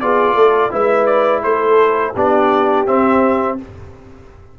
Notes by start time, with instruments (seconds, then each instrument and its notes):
0.00 tuba B3, trombone F4, horn G#4, trumpet D5
0.34 tuba A3, horn A4
0.71 tuba G#3, trombone E4, horn B4, trumpet E5
1.06 trumpet D5
1.43 tuba A3, horn A4, trumpet C5
2.14 tuba B3, trombone D4, horn G4, trumpet D5
2.86 trombone C4, tuba C4, trumpet E5